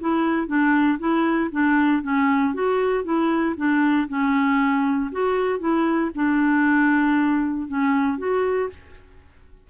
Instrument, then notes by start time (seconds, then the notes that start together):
clarinet
0.00 E4
0.47 D4
0.99 E4
1.52 D4
2.03 C#4
2.54 F#4
3.04 E4
3.57 D4
4.08 C#4
5.12 F#4
5.59 E4
6.15 D4
7.68 C#4
8.18 F#4